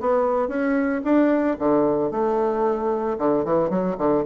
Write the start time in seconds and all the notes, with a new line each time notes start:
0.00 B3
0.48 C#4
1.04 D4
1.59 D3
2.11 A3
3.18 D3
3.44 E3
3.70 F#3
3.98 D3